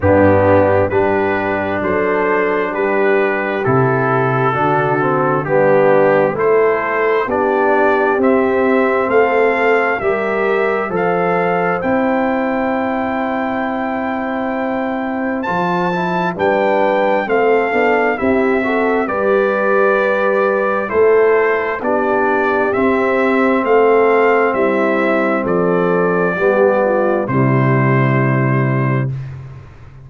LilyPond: <<
  \new Staff \with { instrumentName = "trumpet" } { \time 4/4 \tempo 4 = 66 g'4 b'4 c''4 b'4 | a'2 g'4 c''4 | d''4 e''4 f''4 e''4 | f''4 g''2.~ |
g''4 a''4 g''4 f''4 | e''4 d''2 c''4 | d''4 e''4 f''4 e''4 | d''2 c''2 | }
  \new Staff \with { instrumentName = "horn" } { \time 4/4 d'4 g'4 a'4 g'4~ | g'4 fis'4 d'4 a'4 | g'2 a'4 ais'4 | c''1~ |
c''2 b'4 a'4 | g'8 a'8 b'2 a'4 | g'2 a'4 e'4 | a'4 g'8 f'8 e'2 | }
  \new Staff \with { instrumentName = "trombone" } { \time 4/4 b4 d'2. | e'4 d'8 c'8 b4 e'4 | d'4 c'2 g'4 | a'4 e'2.~ |
e'4 f'8 e'8 d'4 c'8 d'8 | e'8 fis'8 g'2 e'4 | d'4 c'2.~ | c'4 b4 g2 | }
  \new Staff \with { instrumentName = "tuba" } { \time 4/4 g,4 g4 fis4 g4 | c4 d4 g4 a4 | b4 c'4 a4 g4 | f4 c'2.~ |
c'4 f4 g4 a8 b8 | c'4 g2 a4 | b4 c'4 a4 g4 | f4 g4 c2 | }
>>